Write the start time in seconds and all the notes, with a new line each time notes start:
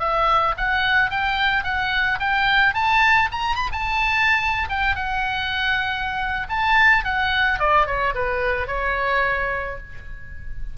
0.00 E5
0.57 F#5
1.11 G5
1.64 F#5
2.20 G5
2.74 A5
3.32 A#5
3.56 B5
3.72 A5
4.70 G5
4.96 F#5
6.49 A5
7.04 F#5
7.59 D5
7.86 C#5
8.15 B4
8.67 C#5